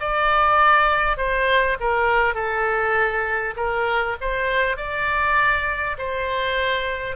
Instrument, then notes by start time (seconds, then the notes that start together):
oboe
0.00 D5
1.17 C5
1.80 A#4
2.35 A4
3.56 A#4
4.21 C5
4.77 D5
5.98 C5